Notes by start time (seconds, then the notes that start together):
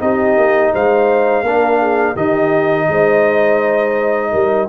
0.00 C4 D#4 G4 D#5
0.37 A#3
0.72 G#3 C5 F5
1.42 A#3 D4 A#4
1.79 G#4
2.12 D#3 D#4 G4 D#5
2.88 G#3 C5
4.31 G3 A#4